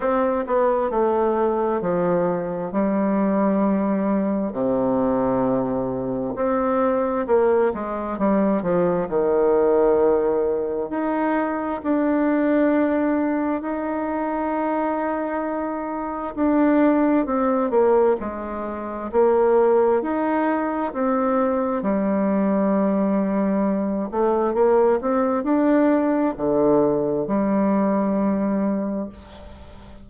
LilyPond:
\new Staff \with { instrumentName = "bassoon" } { \time 4/4 \tempo 4 = 66 c'8 b8 a4 f4 g4~ | g4 c2 c'4 | ais8 gis8 g8 f8 dis2 | dis'4 d'2 dis'4~ |
dis'2 d'4 c'8 ais8 | gis4 ais4 dis'4 c'4 | g2~ g8 a8 ais8 c'8 | d'4 d4 g2 | }